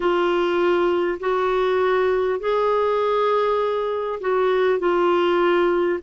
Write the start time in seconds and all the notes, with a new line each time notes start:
0.00 F4
1.20 F#4
2.39 G#4
4.20 F#4
4.79 F4